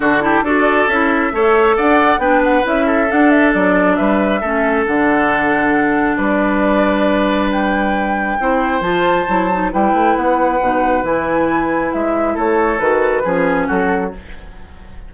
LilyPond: <<
  \new Staff \with { instrumentName = "flute" } { \time 4/4 \tempo 4 = 136 a'4 d''4 e''2 | fis''4 g''8 fis''8 e''4 fis''8 e''8 | d''4 e''2 fis''4~ | fis''2 d''2~ |
d''4 g''2. | a''2 g''4 fis''4~ | fis''4 gis''2 e''4 | cis''4 b'2 a'4 | }
  \new Staff \with { instrumentName = "oboe" } { \time 4/4 fis'8 g'8 a'2 cis''4 | d''4 b'4. a'4.~ | a'4 b'4 a'2~ | a'2 b'2~ |
b'2. c''4~ | c''2 b'2~ | b'1 | a'2 gis'4 fis'4 | }
  \new Staff \with { instrumentName = "clarinet" } { \time 4/4 d'8 e'8 fis'4 e'4 a'4~ | a'4 d'4 e'4 d'4~ | d'2 cis'4 d'4~ | d'1~ |
d'2. e'4 | f'4 e'8 dis'8 e'2 | dis'4 e'2.~ | e'4 fis'4 cis'2 | }
  \new Staff \with { instrumentName = "bassoon" } { \time 4/4 d4 d'4 cis'4 a4 | d'4 b4 cis'4 d'4 | fis4 g4 a4 d4~ | d2 g2~ |
g2. c'4 | f4 fis4 g8 a8 b4 | b,4 e2 gis4 | a4 dis4 f4 fis4 | }
>>